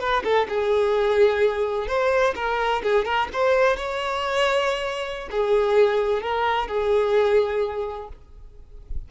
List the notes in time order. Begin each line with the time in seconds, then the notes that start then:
0.00 B4
0.24 A4
0.49 G#4
1.88 C5
2.36 A#4
2.83 G#4
3.05 A#4
3.33 C5
3.77 C#5
5.31 G#4
6.23 A#4
6.68 G#4